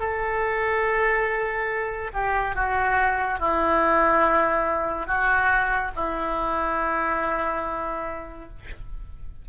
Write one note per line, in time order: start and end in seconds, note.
0.00 2.11 A4
2.14 2.55 G4
2.55 3.40 F#4
3.40 5.07 E4
5.07 5.92 F#4
5.96 8.49 E4